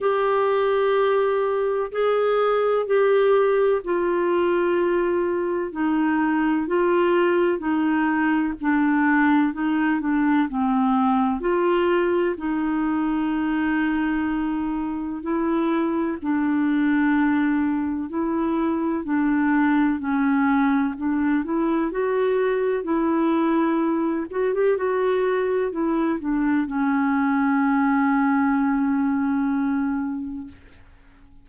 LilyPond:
\new Staff \with { instrumentName = "clarinet" } { \time 4/4 \tempo 4 = 63 g'2 gis'4 g'4 | f'2 dis'4 f'4 | dis'4 d'4 dis'8 d'8 c'4 | f'4 dis'2. |
e'4 d'2 e'4 | d'4 cis'4 d'8 e'8 fis'4 | e'4. fis'16 g'16 fis'4 e'8 d'8 | cis'1 | }